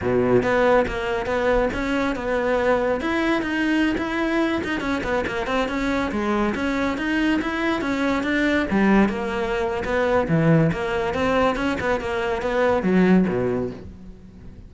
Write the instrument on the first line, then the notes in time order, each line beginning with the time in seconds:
cello
0.01 B2
0.42 B3
0.87 A#3
1.26 B3
1.73 C#4
2.15 B3
3.01 E4
3.42 D#4
3.97 E4
4.63 D#4
4.80 C#4
5.03 B3
5.26 A#3
5.46 C4
5.68 C#4
6.11 G#3
6.55 C#4
6.97 D#4
7.41 E4
7.81 C#4
8.23 D4
8.70 G3
9.08 A#3
9.84 B3
10.28 E3
10.72 A#3
11.14 C4
11.56 C#4
11.80 B3
12.00 A#3
12.42 B3
12.83 F#3
13.27 B2